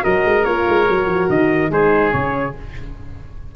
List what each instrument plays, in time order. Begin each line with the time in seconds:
0.00 tuba F#3, horn F#4, oboe A#4, trumpet D#5
0.24 tuba G#3
0.44 tuba A#3, horn F4, trumpet C#5
0.67 tuba G#3
0.86 tuba F#3, horn F#4
1.06 tuba F3
1.29 tuba D#3, trumpet D#5
1.70 tuba G#3, horn D#4, oboe G#4, trumpet C5
2.12 tuba C#3, horn C#4, trumpet C#5